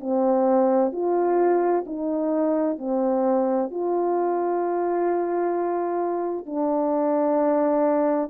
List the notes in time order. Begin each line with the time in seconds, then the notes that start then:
0.00 C4
0.92 F4
1.86 D#4
2.78 C4
3.70 F4
6.46 D4